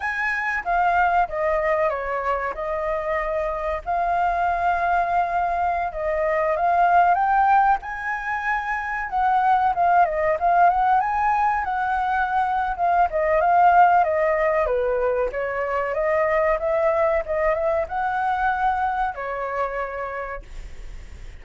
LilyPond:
\new Staff \with { instrumentName = "flute" } { \time 4/4 \tempo 4 = 94 gis''4 f''4 dis''4 cis''4 | dis''2 f''2~ | f''4~ f''16 dis''4 f''4 g''8.~ | g''16 gis''2 fis''4 f''8 dis''16~ |
dis''16 f''8 fis''8 gis''4 fis''4.~ fis''16 | f''8 dis''8 f''4 dis''4 b'4 | cis''4 dis''4 e''4 dis''8 e''8 | fis''2 cis''2 | }